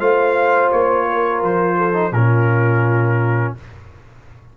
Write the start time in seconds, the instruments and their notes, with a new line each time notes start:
0.00 tuba A3, trombone F4, horn C5, trumpet F5
0.72 tuba A#3, trumpet C#5
1.07 horn A#4
1.43 tuba F3, trumpet C5
1.77 horn A4
1.94 trombone D#4
2.12 tuba A#2, trombone C#4, horn F4, trumpet A#4